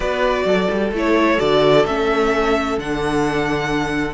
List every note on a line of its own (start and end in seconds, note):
0.00 0.44 B3
0.00 0.92 F#4
0.00 0.44 B4
0.00 0.91 D5
0.44 0.67 F#3
0.44 4.14 A4
0.70 0.91 G3
0.91 1.37 A3
0.91 1.38 E4
0.91 1.39 C#5
1.38 1.85 D3
1.38 1.84 F#4
1.38 1.85 D5
1.85 2.77 A3
1.85 2.79 C#4
1.85 2.78 E5
2.77 4.14 D3
2.77 4.14 D4
2.77 4.14 F#5